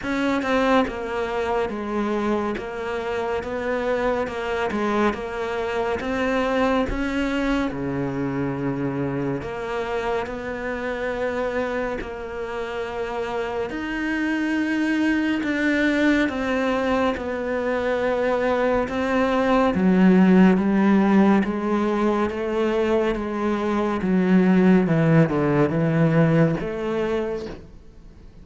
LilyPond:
\new Staff \with { instrumentName = "cello" } { \time 4/4 \tempo 4 = 70 cis'8 c'8 ais4 gis4 ais4 | b4 ais8 gis8 ais4 c'4 | cis'4 cis2 ais4 | b2 ais2 |
dis'2 d'4 c'4 | b2 c'4 fis4 | g4 gis4 a4 gis4 | fis4 e8 d8 e4 a4 | }